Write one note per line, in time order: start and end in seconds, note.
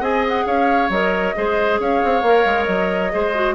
0.00 0.44 C4
0.00 0.89 G#4
0.00 0.44 D#5
0.00 0.25 G#5
0.28 0.46 F#5
0.45 0.89 C#4
0.45 1.35 C#5
0.45 0.90 F5
0.89 1.33 F#3
0.89 1.35 A#4
0.89 1.79 D#5
1.35 1.79 G#3
1.35 2.23 G#4
1.35 1.80 C5
1.79 2.01 C#4
1.79 3.12 C#5
1.79 2.64 F5
2.04 2.22 C4
2.22 2.44 A#3
2.22 3.11 A#4
2.45 2.67 G#3
2.64 3.11 F#3
2.64 3.52 D#5
3.11 3.55 G#3
3.11 3.33 G#4
3.11 3.55 C5
3.34 3.55 F#4